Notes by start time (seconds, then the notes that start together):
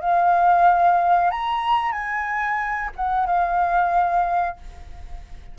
0.00 F5
1.30 A#5
1.92 G#5
2.96 F#5
3.26 F5